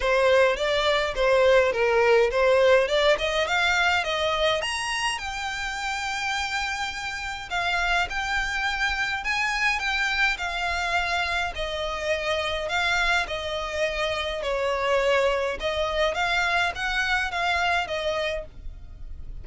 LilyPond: \new Staff \with { instrumentName = "violin" } { \time 4/4 \tempo 4 = 104 c''4 d''4 c''4 ais'4 | c''4 d''8 dis''8 f''4 dis''4 | ais''4 g''2.~ | g''4 f''4 g''2 |
gis''4 g''4 f''2 | dis''2 f''4 dis''4~ | dis''4 cis''2 dis''4 | f''4 fis''4 f''4 dis''4 | }